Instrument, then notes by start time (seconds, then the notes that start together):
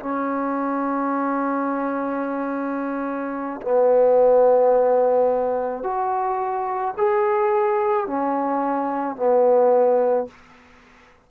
trombone
0.00 C#4
3.62 B3
5.84 F#4
6.97 G#4
8.07 C#4
9.16 B3